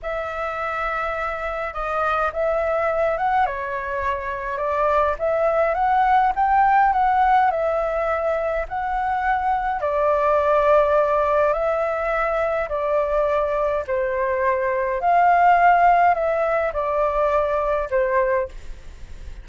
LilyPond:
\new Staff \with { instrumentName = "flute" } { \time 4/4 \tempo 4 = 104 e''2. dis''4 | e''4. fis''8 cis''2 | d''4 e''4 fis''4 g''4 | fis''4 e''2 fis''4~ |
fis''4 d''2. | e''2 d''2 | c''2 f''2 | e''4 d''2 c''4 | }